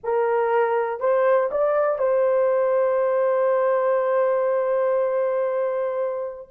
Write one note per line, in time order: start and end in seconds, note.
0.03 1.00 A#4
1.00 1.50 C5
1.51 1.98 D5
1.98 6.48 C5